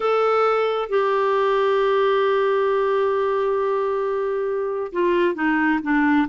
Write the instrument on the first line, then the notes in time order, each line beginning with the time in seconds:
clarinet
0.00 A4
0.89 G4
4.92 F4
5.34 D#4
5.82 D4